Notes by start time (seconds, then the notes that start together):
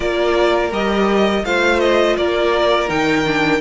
0.00 A#3 F4 A#4 D5
0.71 G3 G4 D#5
1.44 A3 F4 C5 F5
1.79 D#5
2.17 A#3 A#4 D5
2.88 D#3 D#4 G5
3.25 D4